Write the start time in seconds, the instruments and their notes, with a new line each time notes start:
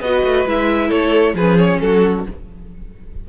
0.00 cello B3, viola F#4, violin B4 D#5
0.23 cello A3
0.46 cello G#3, viola E4, violin E5
0.88 cello A3, violin A4 C#5
1.33 cello F3, viola C#4, violin G#4 B4
1.58 violin C#5
1.80 cello F#3, violin F#4 A4